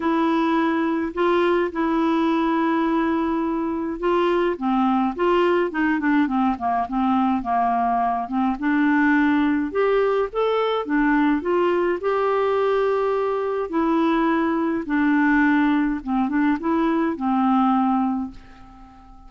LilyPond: \new Staff \with { instrumentName = "clarinet" } { \time 4/4 \tempo 4 = 105 e'2 f'4 e'4~ | e'2. f'4 | c'4 f'4 dis'8 d'8 c'8 ais8 | c'4 ais4. c'8 d'4~ |
d'4 g'4 a'4 d'4 | f'4 g'2. | e'2 d'2 | c'8 d'8 e'4 c'2 | }